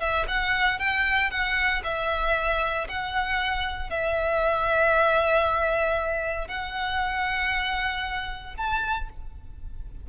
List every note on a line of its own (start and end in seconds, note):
0.00 0.26 E5
0.28 0.79 F#5
0.79 1.31 G5
1.31 1.83 F#5
1.84 2.88 E5
2.89 3.90 F#5
3.90 6.48 E5
6.48 8.55 F#5
8.58 9.09 A5